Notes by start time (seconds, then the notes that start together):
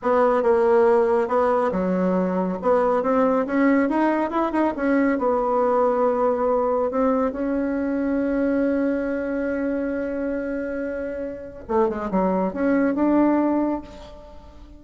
0.02 B3
0.42 A#3
1.27 B3
1.71 F#3
2.62 B3
3.02 C4
3.46 C#4
3.89 D#4
4.30 E4
4.52 D#4
4.76 C#4
5.18 B3
6.90 C4
7.32 C#4
11.67 A3
11.89 G#3
12.11 F#3
12.53 C#4
12.94 D4